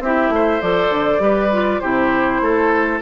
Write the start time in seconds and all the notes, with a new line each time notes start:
0.00 C4 E4 G4 E5
0.29 A3 C5
0.61 F3 A4 D5
0.90 D3
1.19 G3 G4 B4
1.52 F4
1.79 C3 E4 G4 C5
2.41 A3 A4